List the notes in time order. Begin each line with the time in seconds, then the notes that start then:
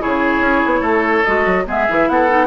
0.00 C#3 E4 G#4 C#5
0.40 C#4
0.65 B3
0.81 A3 A4
1.24 G#3 F#4 D#5
1.46 F#3
1.66 G#3 B3 G#4 E5
1.89 E3 E4
2.09 B3 A4 F#5
2.29 D#4